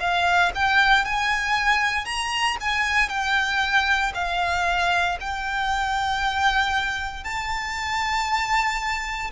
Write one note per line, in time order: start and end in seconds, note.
0.00 0.52 F5
0.55 1.05 G5
1.05 2.05 G#5
2.05 2.57 A#5
2.61 3.09 G#5
3.09 4.12 G5
4.15 5.18 F5
5.21 7.24 G5
7.24 9.31 A5